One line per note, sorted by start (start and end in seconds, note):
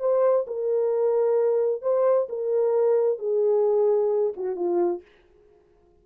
0.00 0.46 C5
0.47 1.82 A#4
1.82 2.28 C5
2.29 3.19 A#4
3.19 4.33 G#4
4.37 4.56 F#4
4.56 5.02 F4